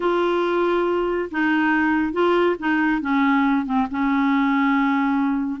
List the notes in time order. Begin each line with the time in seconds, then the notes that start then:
0.00 F4
1.31 D#4
2.12 F4
2.59 D#4
3.01 C#4
3.65 C4
3.90 C#4